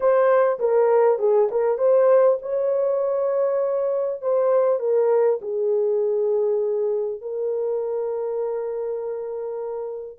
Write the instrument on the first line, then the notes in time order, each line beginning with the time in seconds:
horn
0.00 C5
0.59 A#4
1.18 G#4
1.51 A#4
1.78 C5
2.42 C#5
4.21 C5
4.79 A#4
5.41 G#4
7.21 A#4